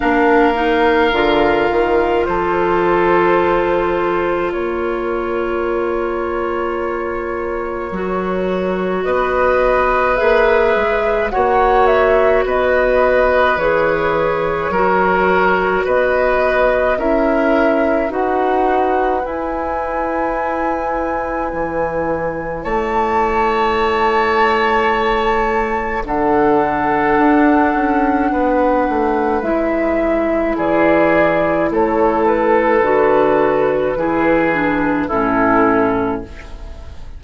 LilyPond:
<<
  \new Staff \with { instrumentName = "flute" } { \time 4/4 \tempo 4 = 53 f''2 c''2 | cis''1 | dis''4 e''4 fis''8 e''8 dis''4 | cis''2 dis''4 e''4 |
fis''4 gis''2. | a''2. fis''4~ | fis''2 e''4 d''4 | cis''8 b'2~ b'8 a'4 | }
  \new Staff \with { instrumentName = "oboe" } { \time 4/4 ais'2 a'2 | ais'1 | b'2 cis''4 b'4~ | b'4 ais'4 b'4 ais'4 |
b'1 | cis''2. a'4~ | a'4 b'2 gis'4 | a'2 gis'4 e'4 | }
  \new Staff \with { instrumentName = "clarinet" } { \time 4/4 d'8 dis'8 f'2.~ | f'2. fis'4~ | fis'4 gis'4 fis'2 | gis'4 fis'2 e'4 |
fis'4 e'2.~ | e'2. d'4~ | d'2 e'2~ | e'4 fis'4 e'8 d'8 cis'4 | }
  \new Staff \with { instrumentName = "bassoon" } { \time 4/4 ais4 d8 dis8 f2 | ais2. fis4 | b4 ais8 gis8 ais4 b4 | e4 fis4 b4 cis'4 |
dis'4 e'2 e4 | a2. d4 | d'8 cis'8 b8 a8 gis4 e4 | a4 d4 e4 a,4 | }
>>